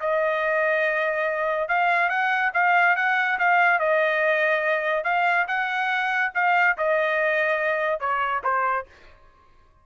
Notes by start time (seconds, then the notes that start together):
0.00 D#5
1.68 F5
2.09 F#5
2.54 F5
2.96 F#5
3.39 F5
3.79 D#5
5.04 F5
5.48 F#5
6.34 F5
6.77 D#5
8.00 C#5
8.44 C5